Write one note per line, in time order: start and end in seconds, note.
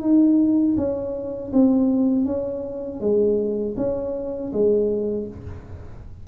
0.00 0.75 D#4
0.77 1.52 C#4
1.52 2.25 C4
2.25 3.00 C#4
3.00 3.75 G#3
3.76 4.51 C#4
4.52 5.27 G#3